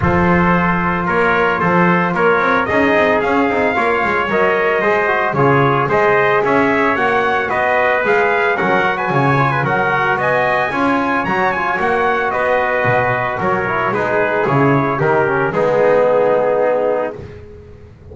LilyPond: <<
  \new Staff \with { instrumentName = "trumpet" } { \time 4/4 \tempo 4 = 112 c''2 cis''4 c''4 | cis''4 dis''4 f''2 | dis''2 cis''4 dis''4 | e''4 fis''4 dis''4 f''4 |
fis''8. gis''4~ gis''16 fis''4 gis''4~ | gis''4 ais''8 gis''8 fis''4 dis''4~ | dis''4 cis''4 b'4 cis''4 | ais'4 gis'2. | }
  \new Staff \with { instrumentName = "trumpet" } { \time 4/4 a'2 ais'4 a'4 | ais'4 gis'2 cis''4~ | cis''4 c''4 gis'4 c''4 | cis''2 b'2 |
ais'8. b'16 cis''8. b'16 ais'4 dis''4 | cis''2. b'4~ | b'4 ais'4 gis'2 | g'4 dis'2. | }
  \new Staff \with { instrumentName = "trombone" } { \time 4/4 f'1~ | f'4 dis'4 cis'8 dis'8 f'4 | ais'4 gis'8 fis'8 f'4 gis'4~ | gis'4 fis'2 gis'4 |
cis'8 fis'4 f'8 fis'2 | f'4 fis'8 f'8 fis'2~ | fis'4. e'8 dis'4 e'4 | dis'8 cis'8 b2. | }
  \new Staff \with { instrumentName = "double bass" } { \time 4/4 f2 ais4 f4 | ais8 c'8 cis'8 c'8 cis'8 c'8 ais8 gis8 | fis4 gis4 cis4 gis4 | cis'4 ais4 b4 gis4 |
fis4 cis4 fis4 b4 | cis'4 fis4 ais4 b4 | b,4 fis4 gis4 cis4 | dis4 gis2. | }
>>